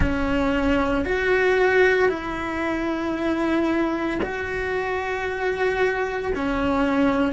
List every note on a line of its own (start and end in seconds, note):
0.00 1.05 C#4
1.05 2.09 F#4
2.09 4.19 E4
4.22 6.33 F#4
6.35 7.33 C#4